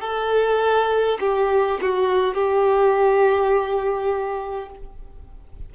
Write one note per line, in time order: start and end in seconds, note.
0.00 1.18 A4
1.20 1.79 G4
1.81 2.34 F#4
2.34 4.70 G4